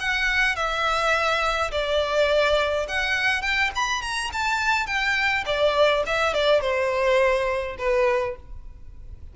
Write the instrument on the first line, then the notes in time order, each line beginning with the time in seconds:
violin
0.00 F#5
0.56 E5
1.72 D5
2.89 F#5
3.42 G5
3.76 B5
4.02 A#5
4.33 A5
4.87 G5
5.46 D5
6.07 E5
6.34 D5
6.62 C5
7.79 B4